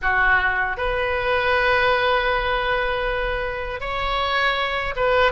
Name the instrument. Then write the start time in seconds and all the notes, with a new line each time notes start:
oboe
0.02 F#4
0.77 B4
3.80 C#5
4.96 B4